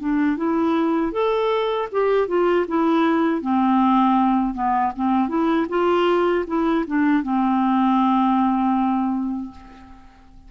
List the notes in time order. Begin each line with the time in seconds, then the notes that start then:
0.00 D4
0.37 E4
1.13 A4
1.92 G4
2.28 F4
2.68 E4
3.42 C4
4.54 B3
4.96 C4
5.29 E4
5.69 F4
6.47 E4
6.87 D4
7.23 C4